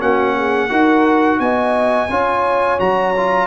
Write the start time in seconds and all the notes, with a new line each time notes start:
0.00 A#3 C#4 F#4 F#5
0.36 G#4
0.68 D#4 F#4 A#4
1.40 B3 D#5 G#5
2.09 C#4 F4 C#5
2.79 F#3 F#4 A#5
3.17 F4